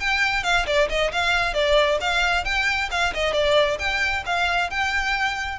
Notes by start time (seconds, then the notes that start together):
0.00 G5
0.43 F5
0.66 D5
0.89 D#5
1.12 F5
1.54 D5
2.00 F5
2.45 G5
2.91 F5
3.14 D#5
3.33 D5
3.79 G5
4.26 F5
4.70 G5